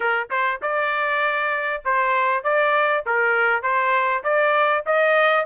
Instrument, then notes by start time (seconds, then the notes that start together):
trumpet
0.00 A#4
0.30 C5
0.61 D5
1.85 C5
2.43 D5
3.06 A#4
3.62 C5
4.23 D5
4.86 D#5